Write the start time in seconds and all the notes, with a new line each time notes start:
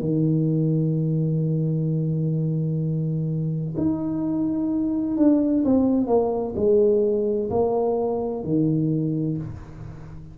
0.00 D#3
3.77 D#4
5.17 D4
5.65 C4
6.07 A#3
6.56 G#3
7.50 A#3
8.44 D#3